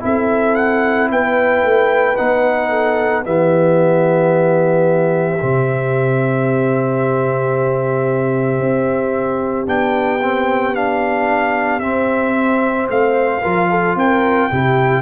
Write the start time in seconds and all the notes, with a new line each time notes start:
0.00 C4 E4 A4 E5
0.55 F#5
1.11 B3 B4 G5
1.63 A3
2.17 B3 D#4 F#5
2.70 A4
3.25 E3 B3 G4 E5
5.40 C3 C4
8.59 C4
9.67 B3 D4 G5
10.22 C4
10.75 D4 F5
11.80 C4 E5
12.89 A3 C5 F5
13.41 F3 F4 A#4
13.70 A4
13.95 C4 A#4 G5
14.51 C3 E4 G4